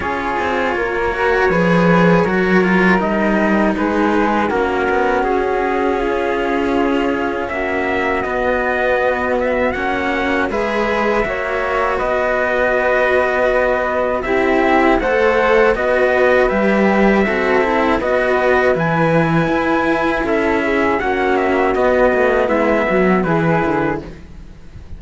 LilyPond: <<
  \new Staff \with { instrumentName = "trumpet" } { \time 4/4 \tempo 4 = 80 cis''1 | dis''4 b'4 ais'4 gis'4~ | gis'2 e''4 dis''4~ | dis''8 e''8 fis''4 e''2 |
dis''2. e''4 | fis''4 dis''4 e''2 | dis''4 gis''2 e''4 | fis''8 e''8 dis''4 e''4 b'4 | }
  \new Staff \with { instrumentName = "flute" } { \time 4/4 gis'4 ais'4 b'4 ais'4~ | ais'4 gis'4 fis'2 | f'2 fis'2~ | fis'2 b'4 cis''4 |
b'2. g'4 | c''4 b'2 a'4 | b'2. a'8 gis'8 | fis'2 e'8 fis'8 gis'4 | }
  \new Staff \with { instrumentName = "cello" } { \time 4/4 f'4. fis'8 gis'4 fis'8 f'8 | dis'2 cis'2~ | cis'2. b4~ | b4 cis'4 gis'4 fis'4~ |
fis'2. e'4 | a'4 fis'4 g'4 fis'8 e'8 | fis'4 e'2. | cis'4 b2 e'4 | }
  \new Staff \with { instrumentName = "cello" } { \time 4/4 cis'8 c'8 ais4 f4 fis4 | g4 gis4 ais8 b8 cis'4~ | cis'2 ais4 b4~ | b4 ais4 gis4 ais4 |
b2. c'4 | a4 b4 g4 c'4 | b4 e4 e'4 cis'4 | ais4 b8 a8 gis8 fis8 e8 d8 | }
>>